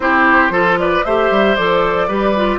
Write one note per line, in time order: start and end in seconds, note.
0.00 0.49 C4
0.00 0.51 E4
0.00 0.52 G4
0.00 0.77 C5
0.49 1.02 F3
0.49 1.03 F4
0.49 0.78 A4
0.79 1.05 B4
0.79 1.03 D5
1.03 1.30 A3
1.03 1.57 G4
1.03 2.07 C5
1.03 1.55 E5
1.30 1.56 G3
1.55 2.08 F3
1.55 2.09 A4
1.55 2.58 D5
2.07 2.58 G3
2.07 2.35 G4
2.07 2.58 B4
2.36 2.58 F4